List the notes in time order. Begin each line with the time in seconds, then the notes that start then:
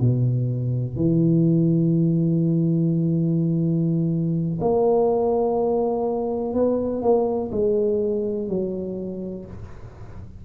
0.00 B2
0.96 E3
4.61 A#3
6.54 B3
7.02 A#3
7.52 G#3
8.49 F#3